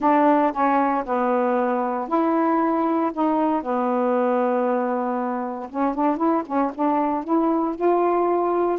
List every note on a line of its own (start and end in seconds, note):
0.00 0.52 D4
0.52 1.03 C#4
1.05 2.08 B3
2.08 3.11 E4
3.13 3.62 D#4
3.62 5.69 B3
5.69 5.94 C#4
5.94 6.16 D4
6.16 6.42 E4
6.45 6.71 C#4
6.74 7.23 D4
7.23 7.75 E4
7.75 8.78 F4